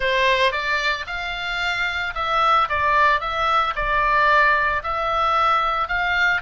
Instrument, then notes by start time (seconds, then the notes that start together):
oboe
0.00 C5
0.52 D5
1.06 F5
2.15 E5
2.69 D5
3.20 E5
3.75 D5
4.83 E5
5.88 F5